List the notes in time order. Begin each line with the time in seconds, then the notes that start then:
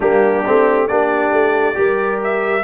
0.00 G3 A#3 D4 G4
0.46 A3 C4
0.87 A#3 D4 G4 D5
1.31 A3
1.74 G3 G4 A#4
2.23 E5